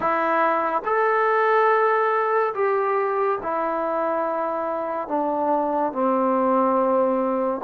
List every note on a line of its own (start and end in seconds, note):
0.00 0.82 E4
0.85 2.54 A4
2.54 3.38 G4
3.42 5.07 E4
5.07 5.92 D4
5.92 7.61 C4